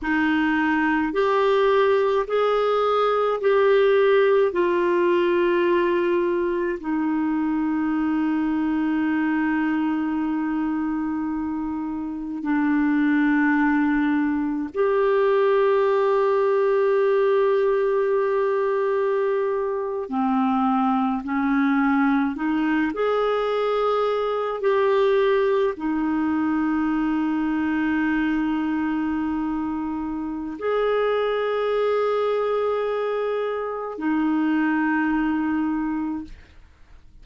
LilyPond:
\new Staff \with { instrumentName = "clarinet" } { \time 4/4 \tempo 4 = 53 dis'4 g'4 gis'4 g'4 | f'2 dis'2~ | dis'2. d'4~ | d'4 g'2.~ |
g'4.~ g'16 c'4 cis'4 dis'16~ | dis'16 gis'4. g'4 dis'4~ dis'16~ | dis'2. gis'4~ | gis'2 dis'2 | }